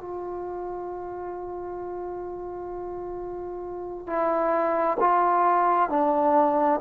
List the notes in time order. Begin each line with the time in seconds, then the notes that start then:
0.00 F4
4.07 E4
5.00 F4
5.90 D4